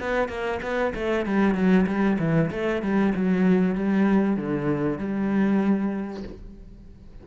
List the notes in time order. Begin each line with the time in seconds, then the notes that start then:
0.00 B3
0.29 A#3
0.63 B3
0.95 A3
1.26 G3
1.55 F#3
1.87 G3
2.20 E3
2.51 A3
2.83 G3
3.16 F#3
3.75 G3
4.37 D3
4.99 G3